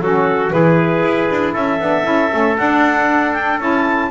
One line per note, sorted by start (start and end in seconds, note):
0.00 0.51 F#3
0.00 0.49 C#4
0.00 0.54 F#4
0.00 0.51 A4
0.49 1.03 E3
0.49 1.78 E4
0.49 1.53 G#4
0.49 1.54 B4
1.03 1.29 E4
1.30 1.55 D4
1.53 1.80 C#4
1.53 4.09 A4
1.53 2.57 E5
1.79 2.05 B3
1.79 2.04 D4
2.04 2.31 C#4
2.04 2.30 E4
2.30 2.59 A3
2.30 2.56 C#4
2.58 3.60 D4
2.58 3.33 F#5
3.33 3.59 G5
3.60 4.11 C#4
3.60 4.11 E4
3.60 4.11 A5